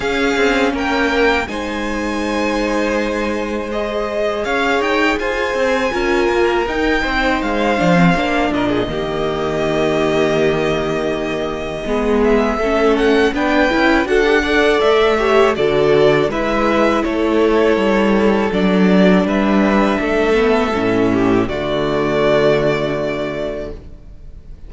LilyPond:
<<
  \new Staff \with { instrumentName = "violin" } { \time 4/4 \tempo 4 = 81 f''4 g''4 gis''2~ | gis''4 dis''4 f''8 g''8 gis''4~ | gis''4 g''4 f''4. dis''8~ | dis''1~ |
dis''8 e''4 fis''8 g''4 fis''4 | e''4 d''4 e''4 cis''4~ | cis''4 d''4 e''2~ | e''4 d''2. | }
  \new Staff \with { instrumentName = "violin" } { \time 4/4 gis'4 ais'4 c''2~ | c''2 cis''4 c''4 | ais'4. c''2 ais'16 gis'16 | g'1 |
gis'4 a'4 b'4 a'8 d''8~ | d''8 cis''8 a'4 b'4 a'4~ | a'2 b'4 a'4~ | a'8 g'8 fis'2. | }
  \new Staff \with { instrumentName = "viola" } { \time 4/4 cis'2 dis'2~ | dis'4 gis'2. | f'4 dis'4. d'16 c'16 d'4 | ais1 |
b4 cis'4 d'8 e'8 fis'16 g'16 a'8~ | a'8 g'8 fis'4 e'2~ | e'4 d'2~ d'8 b8 | cis'4 a2. | }
  \new Staff \with { instrumentName = "cello" } { \time 4/4 cis'8 c'8 ais4 gis2~ | gis2 cis'8 dis'8 f'8 c'8 | cis'8 ais8 dis'8 c'8 gis8 f8 ais8 ais,8 | dis1 |
gis4 a4 b8 cis'8 d'4 | a4 d4 gis4 a4 | g4 fis4 g4 a4 | a,4 d2. | }
>>